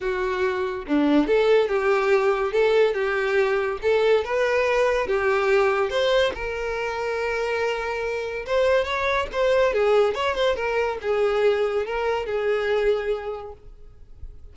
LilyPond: \new Staff \with { instrumentName = "violin" } { \time 4/4 \tempo 4 = 142 fis'2 d'4 a'4 | g'2 a'4 g'4~ | g'4 a'4 b'2 | g'2 c''4 ais'4~ |
ais'1 | c''4 cis''4 c''4 gis'4 | cis''8 c''8 ais'4 gis'2 | ais'4 gis'2. | }